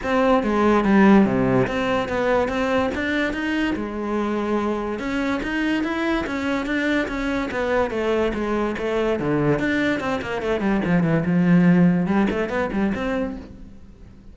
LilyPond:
\new Staff \with { instrumentName = "cello" } { \time 4/4 \tempo 4 = 144 c'4 gis4 g4 c4 | c'4 b4 c'4 d'4 | dis'4 gis2. | cis'4 dis'4 e'4 cis'4 |
d'4 cis'4 b4 a4 | gis4 a4 d4 d'4 | c'8 ais8 a8 g8 f8 e8 f4~ | f4 g8 a8 b8 g8 c'4 | }